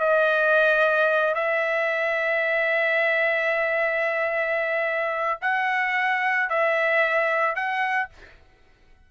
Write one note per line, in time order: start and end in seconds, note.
0.00 1.35 D#5
1.35 5.40 E5
5.42 6.49 F#5
6.49 7.56 E5
7.56 8.10 F#5